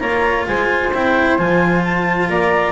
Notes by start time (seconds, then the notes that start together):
0.00 A#3 F4 C#5 A#5
0.48 G#3 C5 G#5
0.94 C4 E4 G5
1.38 F3 F4 G#5
1.84 A5
2.30 A#3 D5 A#5